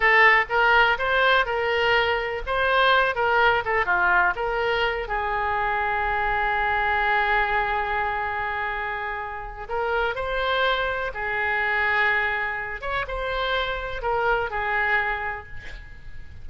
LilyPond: \new Staff \with { instrumentName = "oboe" } { \time 4/4 \tempo 4 = 124 a'4 ais'4 c''4 ais'4~ | ais'4 c''4. ais'4 a'8 | f'4 ais'4. gis'4.~ | gis'1~ |
gis'1 | ais'4 c''2 gis'4~ | gis'2~ gis'8 cis''8 c''4~ | c''4 ais'4 gis'2 | }